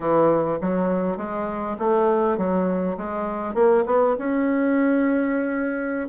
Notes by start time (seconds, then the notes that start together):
0.00 E3
0.61 F#3
1.17 G#3
1.78 A3
2.37 F#3
2.97 G#3
3.54 A#3
3.86 B3
4.18 C#4